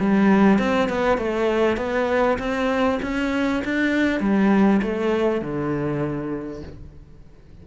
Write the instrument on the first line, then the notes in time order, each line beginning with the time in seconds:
cello
0.00 G3
0.58 C4
0.89 B3
1.17 A3
1.77 B3
2.39 C4
3.02 C#4
3.64 D4
4.20 G3
4.82 A3
5.41 D3